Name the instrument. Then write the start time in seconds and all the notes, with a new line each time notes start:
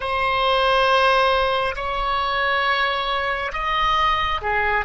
oboe
0.00 C5
1.75 C#5
3.53 D#5
4.41 G#4